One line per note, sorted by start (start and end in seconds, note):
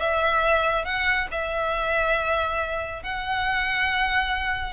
0.00 0.85 E5
0.85 1.27 F#5
1.31 3.03 E5
3.03 4.73 F#5